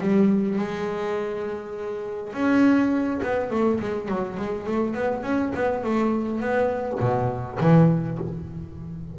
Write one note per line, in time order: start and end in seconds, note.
0.00 0.58 G3
0.59 2.33 G#3
2.33 3.20 C#4
3.23 3.50 B3
3.50 3.79 A3
3.80 4.08 G#3
4.08 4.37 F#3
4.37 4.66 G#3
4.66 4.94 A3
4.94 5.23 B3
5.23 5.52 C#4
5.54 5.83 B3
5.83 6.40 A3
6.40 6.98 B3
7.00 7.58 B2
7.60 8.18 E3